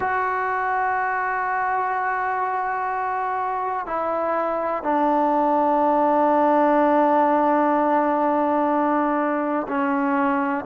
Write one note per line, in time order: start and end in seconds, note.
0.00 3.86 F#4
3.86 4.83 E4
4.83 9.66 D4
9.68 10.65 C#4